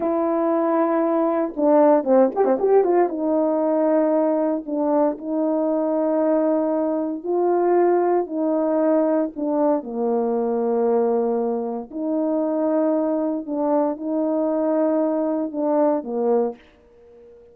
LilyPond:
\new Staff \with { instrumentName = "horn" } { \time 4/4 \tempo 4 = 116 e'2. d'4 | c'8 g'16 c'16 g'8 f'8 dis'2~ | dis'4 d'4 dis'2~ | dis'2 f'2 |
dis'2 d'4 ais4~ | ais2. dis'4~ | dis'2 d'4 dis'4~ | dis'2 d'4 ais4 | }